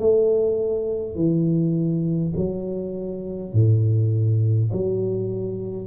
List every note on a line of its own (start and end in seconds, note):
0.00 1.16 A3
1.16 2.34 E3
2.36 3.53 F#3
3.53 4.71 A2
4.73 5.87 F#3